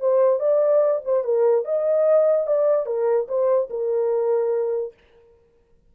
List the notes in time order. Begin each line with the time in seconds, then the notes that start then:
0.00 C5
0.40 D5
1.05 C5
1.24 A#4
1.65 D#5
2.47 D5
2.86 A#4
3.28 C5
3.70 A#4